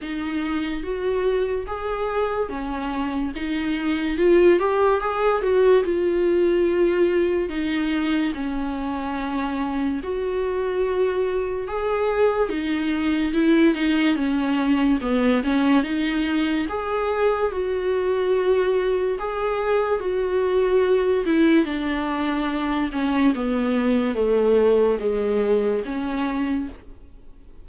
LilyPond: \new Staff \with { instrumentName = "viola" } { \time 4/4 \tempo 4 = 72 dis'4 fis'4 gis'4 cis'4 | dis'4 f'8 g'8 gis'8 fis'8 f'4~ | f'4 dis'4 cis'2 | fis'2 gis'4 dis'4 |
e'8 dis'8 cis'4 b8 cis'8 dis'4 | gis'4 fis'2 gis'4 | fis'4. e'8 d'4. cis'8 | b4 a4 gis4 cis'4 | }